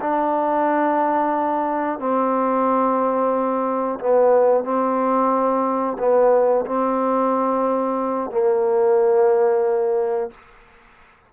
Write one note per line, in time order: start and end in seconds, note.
0.00 1.99 D4
1.99 3.99 C4
4.00 4.64 B3
4.64 5.97 C4
5.98 6.65 B3
6.65 8.31 C4
8.31 10.31 A#3